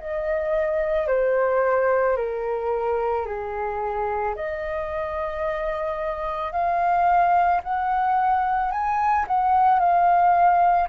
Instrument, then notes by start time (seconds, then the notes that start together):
flute
0.00 D#5
1.08 C5
2.17 A#4
3.26 G#4
4.36 D#5
6.53 F5
7.64 F#5
8.72 G#5
9.28 F#5
9.80 F5